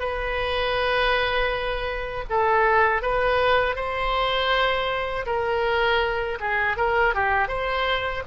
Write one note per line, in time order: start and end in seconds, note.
0.00 2.25 B4
2.30 3.02 A4
3.02 3.76 B4
3.76 5.26 C5
5.26 6.39 A#4
6.40 6.77 G#4
6.77 7.15 A#4
7.15 7.48 G4
7.48 8.23 C5